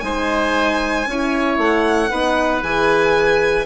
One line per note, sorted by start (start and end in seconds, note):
0.00 1.06 G#3
0.00 1.07 D#4
0.00 1.09 C5
0.00 1.57 G#5
1.06 1.58 C#4
1.06 2.10 E4
1.06 2.10 C#5
1.58 2.10 A3
1.58 2.63 F#5
2.10 2.62 B3
2.10 2.62 D#4
2.10 3.66 B4
2.62 3.66 E3
2.62 3.66 G#4
2.62 3.66 G#5